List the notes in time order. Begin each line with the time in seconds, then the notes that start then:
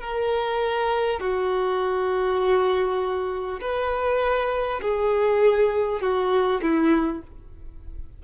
0.00 A#4
1.20 F#4
3.61 B4
4.81 G#4
6.00 F#4
6.62 E4